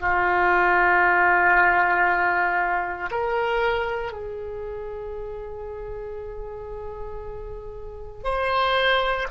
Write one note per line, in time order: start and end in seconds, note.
0.00 3.10 F4
3.11 4.12 A#4
4.12 8.24 G#4
8.24 9.27 C5